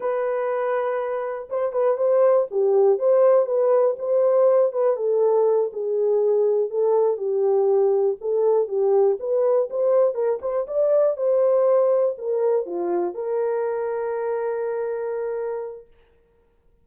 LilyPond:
\new Staff \with { instrumentName = "horn" } { \time 4/4 \tempo 4 = 121 b'2. c''8 b'8 | c''4 g'4 c''4 b'4 | c''4. b'8 a'4. gis'8~ | gis'4. a'4 g'4.~ |
g'8 a'4 g'4 b'4 c''8~ | c''8 ais'8 c''8 d''4 c''4.~ | c''8 ais'4 f'4 ais'4.~ | ais'1 | }